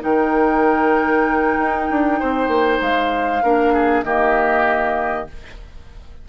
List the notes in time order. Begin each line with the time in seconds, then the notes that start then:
0.00 D#3 D#4 A#4 G5
1.58 D#4
1.90 D4
2.19 C4 C5
2.48 A#3
2.81 G#3 F5
3.43 A#3 D4 A#4
3.73 G#4
4.03 D#3 A#3 G4 D#5